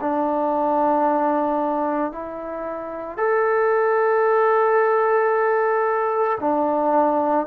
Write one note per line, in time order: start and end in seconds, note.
0.00 2.11 D4
2.11 3.17 E4
3.17 6.38 A4
6.39 7.46 D4